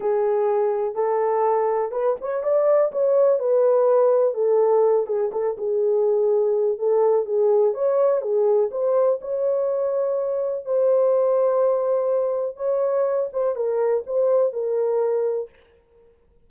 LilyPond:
\new Staff \with { instrumentName = "horn" } { \time 4/4 \tempo 4 = 124 gis'2 a'2 | b'8 cis''8 d''4 cis''4 b'4~ | b'4 a'4. gis'8 a'8 gis'8~ | gis'2 a'4 gis'4 |
cis''4 gis'4 c''4 cis''4~ | cis''2 c''2~ | c''2 cis''4. c''8 | ais'4 c''4 ais'2 | }